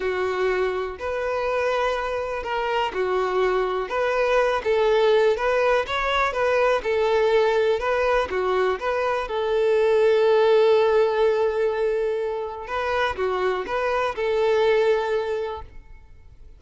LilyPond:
\new Staff \with { instrumentName = "violin" } { \time 4/4 \tempo 4 = 123 fis'2 b'2~ | b'4 ais'4 fis'2 | b'4. a'4. b'4 | cis''4 b'4 a'2 |
b'4 fis'4 b'4 a'4~ | a'1~ | a'2 b'4 fis'4 | b'4 a'2. | }